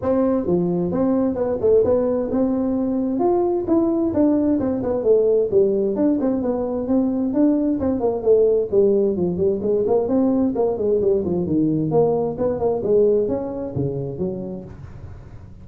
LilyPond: \new Staff \with { instrumentName = "tuba" } { \time 4/4 \tempo 4 = 131 c'4 f4 c'4 b8 a8 | b4 c'2 f'4 | e'4 d'4 c'8 b8 a4 | g4 d'8 c'8 b4 c'4 |
d'4 c'8 ais8 a4 g4 | f8 g8 gis8 ais8 c'4 ais8 gis8 | g8 f8 dis4 ais4 b8 ais8 | gis4 cis'4 cis4 fis4 | }